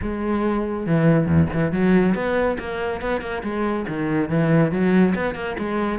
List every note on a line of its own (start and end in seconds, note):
0.02 0.86 G#3
0.86 1.26 E3
1.26 1.47 E2
1.53 1.71 E3
1.71 2.14 F#3
2.14 2.57 B3
2.59 3.01 A#3
3.01 3.21 B3
3.21 3.42 A#3
3.43 3.86 G#3
3.88 4.29 D#3
4.29 4.71 E3
4.71 5.14 F#3
5.15 5.34 B3
5.34 5.56 A#3
5.58 5.99 G#3